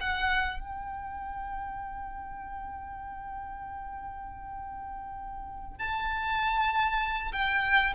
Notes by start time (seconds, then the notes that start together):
0.00 F#5
0.60 G5
5.79 A5
7.32 G5